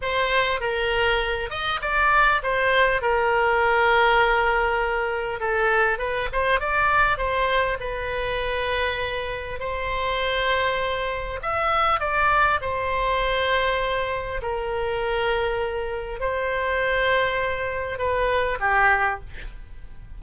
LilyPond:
\new Staff \with { instrumentName = "oboe" } { \time 4/4 \tempo 4 = 100 c''4 ais'4. dis''8 d''4 | c''4 ais'2.~ | ais'4 a'4 b'8 c''8 d''4 | c''4 b'2. |
c''2. e''4 | d''4 c''2. | ais'2. c''4~ | c''2 b'4 g'4 | }